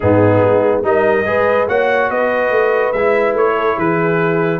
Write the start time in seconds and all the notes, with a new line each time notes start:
0.00 G#2 B3 D#4 G#4
0.42 G#3
0.83 G3 D#4 A#4 D#5
1.25 G#3 G#4 B4
1.67 A#3 F#4 C#5 F#5
2.10 B3 B4 D#5
2.50 A3
2.92 G#3 E4 E5
3.33 A3 C#5
3.54 A4
3.77 E3 G#4 B4